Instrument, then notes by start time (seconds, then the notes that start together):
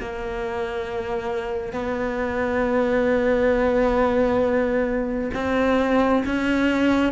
cello
0.00 A#3
1.73 B3
5.34 C4
6.26 C#4